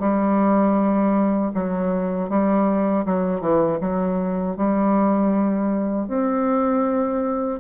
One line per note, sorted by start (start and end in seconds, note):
0.00 1.52 G3
1.54 2.30 F#3
2.30 3.06 G3
3.06 3.41 F#3
3.41 3.79 E3
3.81 4.57 F#3
4.57 6.08 G3
6.08 7.60 C4